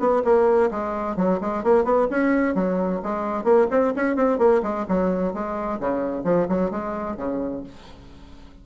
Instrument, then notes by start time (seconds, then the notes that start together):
bassoon
0.00 B3
0.25 A#3
0.71 G#3
1.17 F#3
1.41 G#3
1.64 A#3
1.85 B3
2.11 C#4
2.55 F#3
3.03 G#3
3.44 A#3
3.71 C4
3.97 C#4
4.16 C4
4.39 A#3
4.63 G#3
4.89 F#3
5.34 G#3
5.80 C#3
6.25 F3
6.49 F#3
6.71 G#3
7.17 C#3